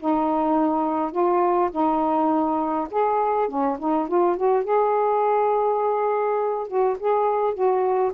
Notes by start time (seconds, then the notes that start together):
0.00 D#4
1.12 F4
1.72 D#4
2.91 G#4
3.49 C#4
3.79 D#4
4.09 F4
4.37 F#4
4.65 G#4
6.68 F#4
7.00 G#4
7.54 F#4